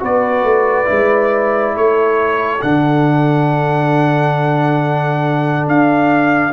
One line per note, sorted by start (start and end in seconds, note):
0.00 0.44 B3
0.00 0.86 F#4
0.00 1.74 B4
0.00 1.77 D5
0.44 0.87 A3
0.86 1.76 G#3
0.86 2.59 E4
1.74 2.63 A3
1.74 6.53 A4
1.74 2.62 C#5
2.62 5.68 D3
2.62 6.53 D4
2.62 5.67 F#5
5.68 6.53 D4
5.68 6.53 F5